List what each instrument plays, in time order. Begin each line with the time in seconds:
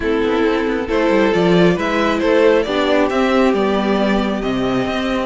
0.00 cello A3, viola C4, violin E4 A4
0.23 cello B3
0.43 cello C4
0.67 cello B3
0.86 cello A3, viola E4, violin A4 C5
1.09 cello G3
1.33 cello F3, viola F4, violin D5
1.75 cello G#3, viola E4, violin B4 E5
2.19 cello A3, violin A4 C5
2.62 cello B3, viola D4, violin G4 D5
3.09 cello C4, viola C4, violin E5
3.53 cello G3, viola B3, violin D5
4.41 cello C3, viola C4, violin D#5
4.86 cello C4